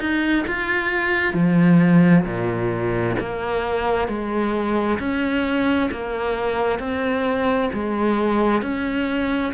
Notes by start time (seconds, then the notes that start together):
0.00 D#4
0.48 F4
1.33 F3
2.25 A#2
3.20 A#3
4.08 G#3
4.99 C#4
5.91 A#3
6.79 C4
7.74 G#3
8.62 C#4